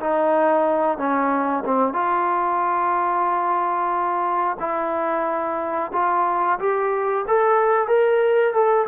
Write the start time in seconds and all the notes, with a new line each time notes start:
0.00 D#4
0.98 C#4
1.65 C4
1.93 F4
4.60 E4
5.93 F4
6.59 G4
7.28 A4
7.88 A#4
8.54 A4